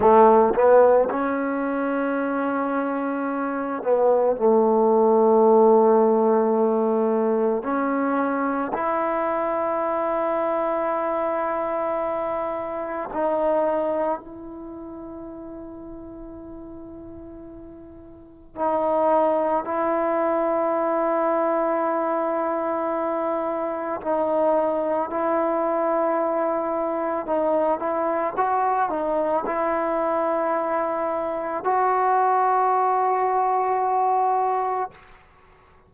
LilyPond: \new Staff \with { instrumentName = "trombone" } { \time 4/4 \tempo 4 = 55 a8 b8 cis'2~ cis'8 b8 | a2. cis'4 | e'1 | dis'4 e'2.~ |
e'4 dis'4 e'2~ | e'2 dis'4 e'4~ | e'4 dis'8 e'8 fis'8 dis'8 e'4~ | e'4 fis'2. | }